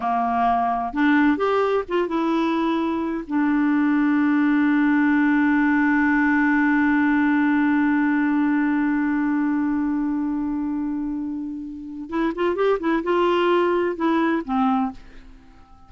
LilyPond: \new Staff \with { instrumentName = "clarinet" } { \time 4/4 \tempo 4 = 129 ais2 d'4 g'4 | f'8 e'2~ e'8 d'4~ | d'1~ | d'1~ |
d'1~ | d'1~ | d'2 e'8 f'8 g'8 e'8 | f'2 e'4 c'4 | }